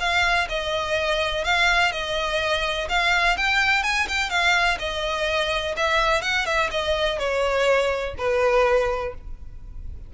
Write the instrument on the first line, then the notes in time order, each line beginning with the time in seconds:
violin
0.00 F5
0.49 D#5
1.44 F5
1.92 D#5
2.89 F5
3.38 G5
3.84 G#5
4.08 G5
4.30 F5
4.79 D#5
5.77 E5
6.22 F#5
6.46 E5
6.71 D#5
7.19 C#5
8.18 B4